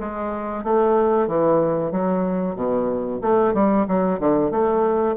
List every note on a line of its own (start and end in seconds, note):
0.00 0.64 G#3
0.64 1.28 A3
1.28 1.92 E3
1.92 2.56 F#3
2.56 3.20 B2
3.22 3.54 A3
3.54 3.87 G3
3.88 4.20 F#3
4.20 4.51 D3
4.51 5.16 A3